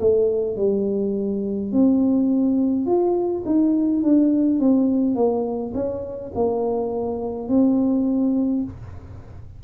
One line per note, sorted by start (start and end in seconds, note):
0.00 0.57 A3
0.57 1.72 G3
1.72 2.86 C4
2.86 3.44 F4
3.46 4.03 D#4
4.03 4.60 D4
4.60 5.16 C4
5.16 5.73 A#3
5.74 6.32 C#4
6.35 7.48 A#3
7.48 8.64 C4